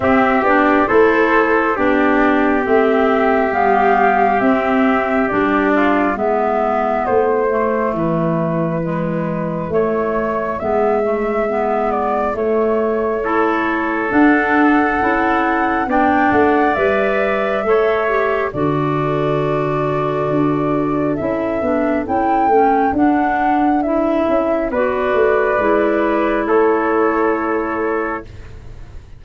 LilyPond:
<<
  \new Staff \with { instrumentName = "flute" } { \time 4/4 \tempo 4 = 68 e''8 d''8 c''4 d''4 e''4 | f''4 e''4 d''4 e''4 | c''4 b'2 cis''4 | e''4. d''8 cis''2 |
fis''2 g''8 fis''8 e''4~ | e''4 d''2. | e''4 g''4 fis''4 e''4 | d''2 cis''2 | }
  \new Staff \with { instrumentName = "trumpet" } { \time 4/4 g'4 a'4 g'2~ | g'2~ g'8 f'8 e'4~ | e'1~ | e'2. a'4~ |
a'2 d''2 | cis''4 a'2.~ | a'1 | b'2 a'2 | }
  \new Staff \with { instrumentName = "clarinet" } { \time 4/4 c'8 d'8 e'4 d'4 c'4 | b4 c'4 d'4 b4~ | b8 a4. gis4 a4 | b8 a8 b4 a4 e'4 |
d'4 e'4 d'4 b'4 | a'8 g'8 fis'2. | e'8 d'8 e'8 cis'8 d'4 e'4 | fis'4 e'2. | }
  \new Staff \with { instrumentName = "tuba" } { \time 4/4 c'8 b8 a4 b4 a4 | g4 c'4 g4 gis4 | a4 e2 a4 | gis2 a2 |
d'4 cis'4 b8 a8 g4 | a4 d2 d'4 | cis'8 b8 cis'8 a8 d'4. cis'8 | b8 a8 gis4 a2 | }
>>